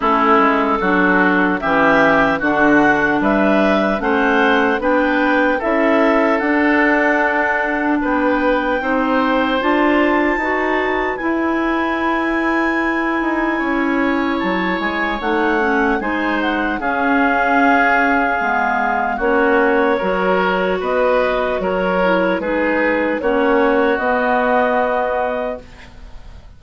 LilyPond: <<
  \new Staff \with { instrumentName = "clarinet" } { \time 4/4 \tempo 4 = 75 a'2 e''4 fis''4 | e''4 fis''4 g''4 e''4 | fis''2 g''2 | a''2 gis''2~ |
gis''2 a''8 gis''8 fis''4 | gis''8 fis''8 f''2. | cis''2 dis''4 cis''4 | b'4 cis''4 dis''2 | }
  \new Staff \with { instrumentName = "oboe" } { \time 4/4 e'4 fis'4 g'4 fis'4 | b'4 c''4 b'4 a'4~ | a'2 b'4 c''4~ | c''4 b'2.~ |
b'4 cis''2. | c''4 gis'2. | fis'4 ais'4 b'4 ais'4 | gis'4 fis'2. | }
  \new Staff \with { instrumentName = "clarinet" } { \time 4/4 cis'4 d'4 cis'4 d'4~ | d'4 cis'4 d'4 e'4 | d'2. dis'4 | f'4 fis'4 e'2~ |
e'2. dis'8 cis'8 | dis'4 cis'2 b4 | cis'4 fis'2~ fis'8 e'8 | dis'4 cis'4 b2 | }
  \new Staff \with { instrumentName = "bassoon" } { \time 4/4 a8 gis8 fis4 e4 d4 | g4 a4 b4 cis'4 | d'2 b4 c'4 | d'4 dis'4 e'2~ |
e'8 dis'8 cis'4 fis8 gis8 a4 | gis4 cis'2 gis4 | ais4 fis4 b4 fis4 | gis4 ais4 b2 | }
>>